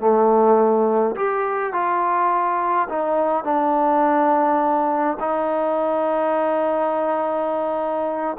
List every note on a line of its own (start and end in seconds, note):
0.00 1.15 A3
1.16 1.73 G4
1.73 2.88 F4
2.89 3.44 D#4
3.44 5.17 D4
5.20 8.37 D#4